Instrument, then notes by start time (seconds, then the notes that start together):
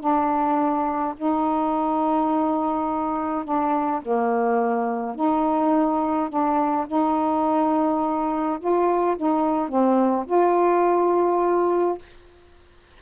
saxophone
0.00 D4
1.17 D#4
3.44 D4
4.02 A#3
5.15 D#4
6.29 D4
6.87 D#4
8.59 F4
9.17 D#4
9.68 C4
10.26 F4